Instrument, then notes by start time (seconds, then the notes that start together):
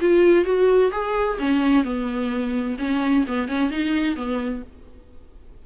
viola
0.00 F4
0.44 F#4
0.91 G#4
1.38 C#4
1.84 B3
2.78 C#4
3.27 B3
3.48 C#4
3.70 D#4
4.16 B3